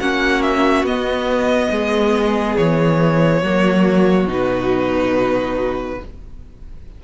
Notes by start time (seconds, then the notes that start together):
0.00 A#3 C#4 F#4 F#5
0.43 E5
0.83 B3 D#5
1.71 G#3 G#4
2.57 E3 C#5
3.42 F#3 A#3 F#4
4.27 B2 D#4
4.33 B4